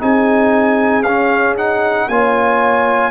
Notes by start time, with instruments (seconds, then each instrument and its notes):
0.00 tuba C4, trombone D#4, horn G#4, trumpet G#5
1.03 tuba C#4, trombone C#4, trumpet F5
1.58 trombone D#4, trumpet F#5
2.08 tuba A#3, trombone F4, horn C#5, trumpet G#5